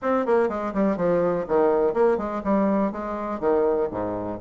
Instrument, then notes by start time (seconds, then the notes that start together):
bassoon
0.02 C4
0.26 A#3
0.48 G#3
0.73 G3
0.96 F3
1.48 D#3
1.93 A#3
2.17 G#3
2.44 G3
2.92 G#3
3.39 D#3
3.91 G#2